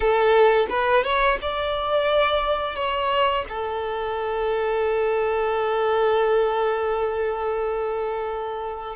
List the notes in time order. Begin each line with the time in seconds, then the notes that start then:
0.00 A4
0.69 B4
1.03 C#5
1.41 D5
2.75 C#5
3.48 A4